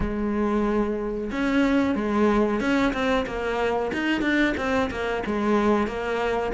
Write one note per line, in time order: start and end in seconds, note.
0.00 1.30 G#3
1.31 1.95 C#4
1.95 2.60 G#3
2.60 2.93 C#4
2.93 3.25 C4
3.26 3.91 A#3
3.93 4.21 D#4
4.21 4.54 D4
4.57 4.89 C4
4.90 5.23 A#3
5.26 5.87 G#3
5.87 6.52 A#3